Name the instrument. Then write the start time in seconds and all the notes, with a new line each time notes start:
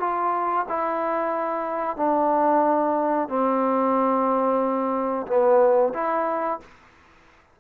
trombone
0.00 F4
0.69 E4
1.97 D4
3.29 C4
5.27 B3
5.94 E4